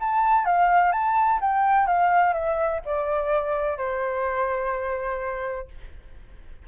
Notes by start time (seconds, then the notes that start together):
0.00 A5
0.45 F5
0.92 A5
1.41 G5
1.87 F5
2.33 E5
2.85 D5
3.77 C5